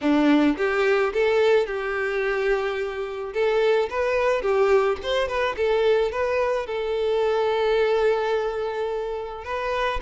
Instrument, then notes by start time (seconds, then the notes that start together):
violin
0.01 D4
0.57 G4
1.13 A4
1.66 G4
3.33 A4
3.90 B4
4.41 G4
5.03 C5
5.28 B4
5.56 A4
6.11 B4
6.66 A4
9.44 B4